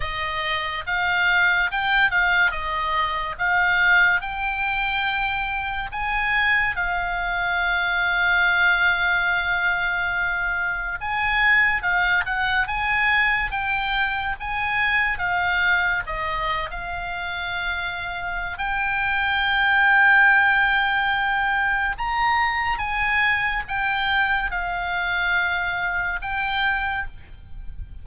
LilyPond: \new Staff \with { instrumentName = "oboe" } { \time 4/4 \tempo 4 = 71 dis''4 f''4 g''8 f''8 dis''4 | f''4 g''2 gis''4 | f''1~ | f''4 gis''4 f''8 fis''8 gis''4 |
g''4 gis''4 f''4 dis''8. f''16~ | f''2 g''2~ | g''2 ais''4 gis''4 | g''4 f''2 g''4 | }